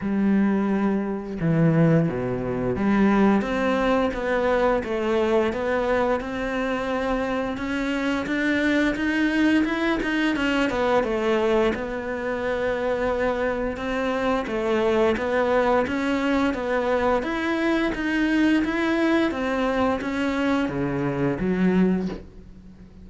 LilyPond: \new Staff \with { instrumentName = "cello" } { \time 4/4 \tempo 4 = 87 g2 e4 b,4 | g4 c'4 b4 a4 | b4 c'2 cis'4 | d'4 dis'4 e'8 dis'8 cis'8 b8 |
a4 b2. | c'4 a4 b4 cis'4 | b4 e'4 dis'4 e'4 | c'4 cis'4 cis4 fis4 | }